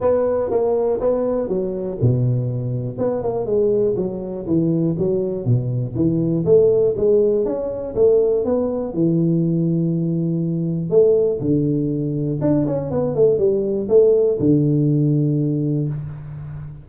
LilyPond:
\new Staff \with { instrumentName = "tuba" } { \time 4/4 \tempo 4 = 121 b4 ais4 b4 fis4 | b,2 b8 ais8 gis4 | fis4 e4 fis4 b,4 | e4 a4 gis4 cis'4 |
a4 b4 e2~ | e2 a4 d4~ | d4 d'8 cis'8 b8 a8 g4 | a4 d2. | }